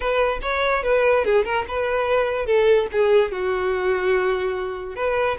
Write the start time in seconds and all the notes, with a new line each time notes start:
0.00 B4
0.42 C#5
0.83 B4
1.25 G#4
1.44 A#4
1.68 B4
2.45 A4
2.92 G#4
3.31 F#4
4.95 B4